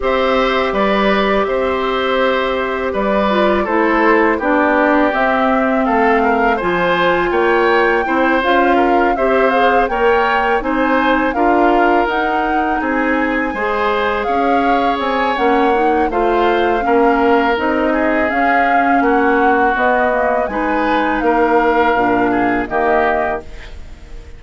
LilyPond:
<<
  \new Staff \with { instrumentName = "flute" } { \time 4/4 \tempo 4 = 82 e''4 d''4 e''2 | d''4 c''4 d''4 e''4 | f''4 gis''4 g''4. f''8~ | f''8 e''8 f''8 g''4 gis''4 f''8~ |
f''8 fis''4 gis''2 f''8~ | f''8 gis''8 fis''4 f''2 | dis''4 f''4 fis''4 dis''4 | gis''4 f''2 dis''4 | }
  \new Staff \with { instrumentName = "oboe" } { \time 4/4 c''4 b'4 c''2 | b'4 a'4 g'2 | a'8 ais'8 c''4 cis''4 c''4 | ais'8 c''4 cis''4 c''4 ais'8~ |
ais'4. gis'4 c''4 cis''8~ | cis''2 c''4 ais'4~ | ais'8 gis'4. fis'2 | b'4 ais'4. gis'8 g'4 | }
  \new Staff \with { instrumentName = "clarinet" } { \time 4/4 g'1~ | g'8 f'8 e'4 d'4 c'4~ | c'4 f'2 e'8 f'8~ | f'8 g'8 gis'8 ais'4 dis'4 f'8~ |
f'8 dis'2 gis'4.~ | gis'4 cis'8 dis'8 f'4 cis'4 | dis'4 cis'2 b8 ais8 | dis'2 d'4 ais4 | }
  \new Staff \with { instrumentName = "bassoon" } { \time 4/4 c'4 g4 c'2 | g4 a4 b4 c'4 | a4 f4 ais4 c'8 cis'8~ | cis'8 c'4 ais4 c'4 d'8~ |
d'8 dis'4 c'4 gis4 cis'8~ | cis'8 c'8 ais4 a4 ais4 | c'4 cis'4 ais4 b4 | gis4 ais4 ais,4 dis4 | }
>>